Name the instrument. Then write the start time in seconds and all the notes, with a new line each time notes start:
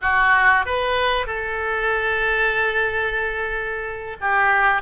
oboe
0.01 F#4
0.65 B4
1.26 A4
4.20 G4